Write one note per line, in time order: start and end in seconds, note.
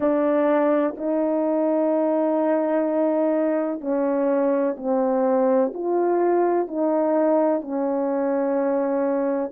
0.00 0.95 D4
0.97 3.81 D#4
3.81 4.76 C#4
4.77 5.72 C4
5.74 6.67 F4
6.67 7.61 D#4
7.61 9.52 C#4